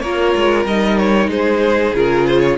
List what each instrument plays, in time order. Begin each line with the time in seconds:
0.00 cello A#3, viola F4, violin A#4 C#5
0.35 cello G#3
0.65 cello G3, viola D#4, violin D#5
0.98 violin C#5
1.28 cello G#3, violin G#4 C5
1.95 cello C#3, viola F4, violin A#4
2.27 violin C5
2.40 violin C#5